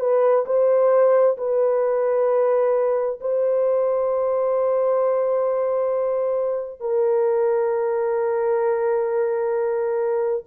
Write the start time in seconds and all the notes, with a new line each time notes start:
0.00 B4
0.46 C5
1.38 B4
3.21 C5
6.80 A#4